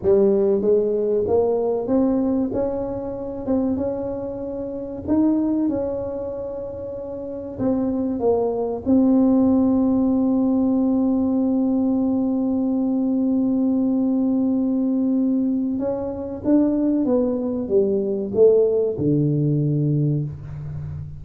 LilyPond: \new Staff \with { instrumentName = "tuba" } { \time 4/4 \tempo 4 = 95 g4 gis4 ais4 c'4 | cis'4. c'8 cis'2 | dis'4 cis'2. | c'4 ais4 c'2~ |
c'1~ | c'1~ | c'4 cis'4 d'4 b4 | g4 a4 d2 | }